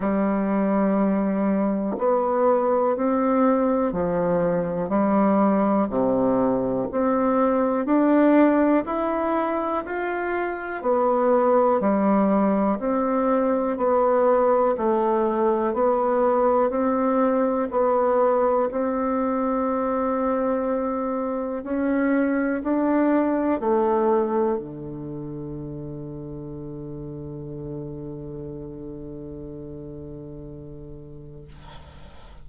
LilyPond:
\new Staff \with { instrumentName = "bassoon" } { \time 4/4 \tempo 4 = 61 g2 b4 c'4 | f4 g4 c4 c'4 | d'4 e'4 f'4 b4 | g4 c'4 b4 a4 |
b4 c'4 b4 c'4~ | c'2 cis'4 d'4 | a4 d2.~ | d1 | }